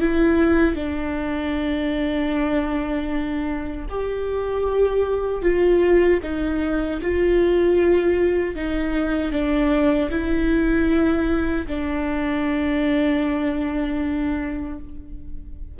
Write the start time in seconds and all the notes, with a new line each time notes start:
0.00 E4
0.75 D4
3.89 G4
5.42 F4
6.22 D#4
7.02 F4
8.55 D#4
9.32 D4
10.11 E4
11.67 D4